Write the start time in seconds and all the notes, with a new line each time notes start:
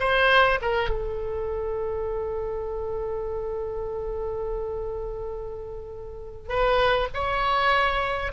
0.00 C5
0.62 A#4
0.90 A4
6.49 B4
7.14 C#5